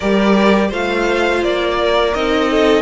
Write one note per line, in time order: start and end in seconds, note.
0.00 0.71 G3
0.00 0.71 G4
0.00 0.68 A#4
0.00 0.71 D5
0.68 1.42 A3
0.68 2.14 F4
0.68 1.75 C5
0.68 1.43 F5
1.42 2.13 A#3
1.42 2.14 D5
1.80 2.50 A#4
2.14 2.82 C4
2.14 2.82 D#4
2.14 2.82 D#5
2.50 2.82 A4